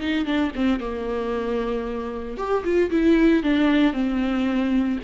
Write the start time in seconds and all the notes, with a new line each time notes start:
0.00 D#4
0.25 D4
0.55 C4
0.80 A#3
2.37 G4
2.64 F4
2.90 E4
3.43 D4
3.93 C4